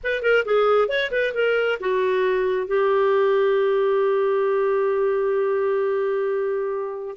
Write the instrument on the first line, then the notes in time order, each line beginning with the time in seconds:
clarinet
0.03 B4
0.22 A#4
0.45 G#4
0.88 C#5
1.11 B4
1.34 A#4
1.80 F#4
2.67 G4